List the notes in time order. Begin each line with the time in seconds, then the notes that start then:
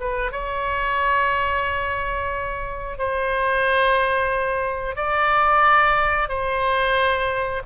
0.00 B4
0.32 C#5
2.98 C5
4.95 D5
6.28 C5